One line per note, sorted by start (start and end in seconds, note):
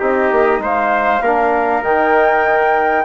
0.00 0.32 C4
0.00 1.23 D#4
0.00 0.61 G4
0.00 0.64 D#5
0.32 0.59 A#3
0.59 1.21 G#3
0.59 1.23 C5
0.59 1.84 F5
1.21 1.83 A#3
1.21 1.84 D4
1.21 3.06 A#4
1.84 3.06 D#3
1.84 3.06 D#4
1.84 3.06 G5